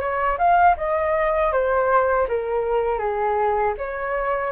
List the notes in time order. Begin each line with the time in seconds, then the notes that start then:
0.00 C#5
0.38 F5
0.77 D#5
1.52 C5
2.28 A#4
2.98 G#4
3.77 C#5